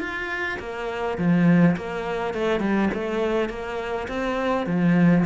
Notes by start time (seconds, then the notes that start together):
0.00 F4
0.60 A#3
1.18 F3
1.77 A#3
2.34 A3
2.60 G3
2.94 A3
3.50 A#3
4.08 C4
4.67 F3